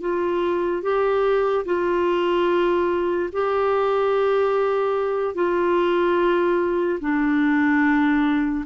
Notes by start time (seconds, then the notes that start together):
0.00 F4
0.82 G4
1.65 F4
3.32 G4
5.35 F4
7.00 D4